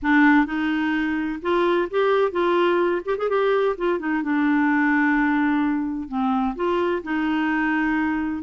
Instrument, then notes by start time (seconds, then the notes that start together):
clarinet
0.02 D4
0.46 D#4
1.41 F4
1.90 G4
2.31 F4
3.05 G4
3.17 G#4
3.29 G4
3.77 F4
3.99 D#4
4.22 D4
6.08 C4
6.55 F4
7.03 D#4